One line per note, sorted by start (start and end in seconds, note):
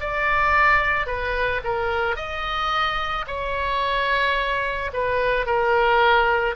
0.00 1.06 D5
1.06 1.61 B4
1.64 2.16 A#4
2.16 3.25 D#5
3.27 4.91 C#5
4.93 5.46 B4
5.46 6.55 A#4